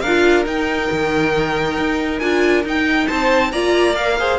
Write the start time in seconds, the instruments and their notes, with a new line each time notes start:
0.00 cello D4, violin A#4 F5
0.07 viola F4
0.44 viola D#4, cello D#4, violin G5
0.92 cello D#3
1.78 cello D#4
2.19 cello D4, viola F4, violin G#5
2.64 cello D#4, viola D#4, violin G5
3.07 cello C4, violin C5 A5
3.52 cello A#3, viola F4, violin D5 A#5
3.95 viola A#4, violin F5
4.19 viola G#4, violin C5